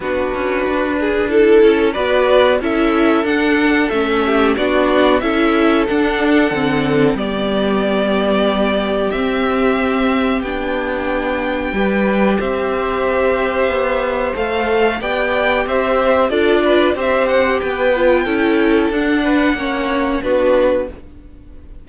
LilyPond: <<
  \new Staff \with { instrumentName = "violin" } { \time 4/4 \tempo 4 = 92 b'2 a'4 d''4 | e''4 fis''4 e''4 d''4 | e''4 fis''2 d''4~ | d''2 e''2 |
g''2. e''4~ | e''2 f''4 g''4 | e''4 d''4 e''8 fis''8 g''4~ | g''4 fis''2 b'4 | }
  \new Staff \with { instrumentName = "violin" } { \time 4/4 fis'4. gis'8 a'4 b'4 | a'2~ a'8 g'8 fis'4 | a'2. g'4~ | g'1~ |
g'2 b'4 c''4~ | c''2. d''4 | c''4 a'8 b'8 c''4 b'4 | a'4. b'8 cis''4 fis'4 | }
  \new Staff \with { instrumentName = "viola" } { \time 4/4 d'2 e'4 fis'4 | e'4 d'4 cis'4 d'4 | e'4 d'4 c'4 b4~ | b2 c'2 |
d'2 g'2~ | g'2 a'4 g'4~ | g'4 f'4 g'4. f'8 | e'4 d'4 cis'4 d'4 | }
  \new Staff \with { instrumentName = "cello" } { \time 4/4 b8 cis'8 d'4. cis'8 b4 | cis'4 d'4 a4 b4 | cis'4 d'4 d4 g4~ | g2 c'2 |
b2 g4 c'4~ | c'4 b4 a4 b4 | c'4 d'4 c'4 b4 | cis'4 d'4 ais4 b4 | }
>>